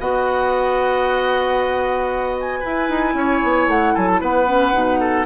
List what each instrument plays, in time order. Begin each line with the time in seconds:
0.00 bassoon B3, clarinet F#4, oboe D#5, flute F#5
2.40 flute G#5
2.60 clarinet E4, bassoon E4, oboe B4
2.89 bassoon D#4
3.14 bassoon C#4, oboe C#5
3.44 bassoon B3
3.68 bassoon A3, flute F#5
3.94 bassoon F#3, oboe A4, flute G#5
4.08 flute A5
4.21 bassoon B3, oboe B4, flute F#5
4.47 clarinet C#4
4.73 bassoon B2, clarinet D#4
5.00 oboe A4